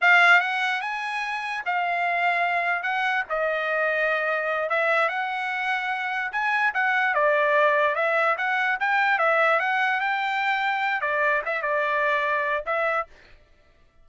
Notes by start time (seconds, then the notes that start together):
0.01 F5
0.40 F#5
0.81 G#5
1.65 F5
2.83 F#5
3.29 D#5
4.69 E5
5.08 F#5
6.32 G#5
6.73 F#5
7.14 D5
7.95 E5
8.37 F#5
8.79 G5
9.18 E5
9.59 F#5
10.00 G5
11.01 D5
11.45 E5
11.62 D5
12.66 E5